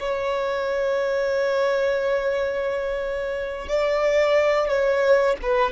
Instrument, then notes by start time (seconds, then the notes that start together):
violin
0.00 C#5
3.68 D5
4.69 C#5
5.43 B4